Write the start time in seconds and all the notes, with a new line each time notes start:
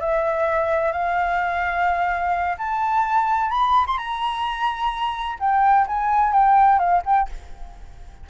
0.00 E5
0.92 F5
2.58 A5
3.50 B5
3.87 C6
3.98 A#5
5.39 G5
5.87 G#5
6.33 G5
6.79 F5
7.05 G5